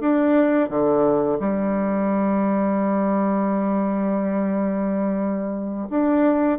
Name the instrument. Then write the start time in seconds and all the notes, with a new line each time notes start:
bassoon
0.00 D4
0.69 D3
1.39 G3
5.90 D4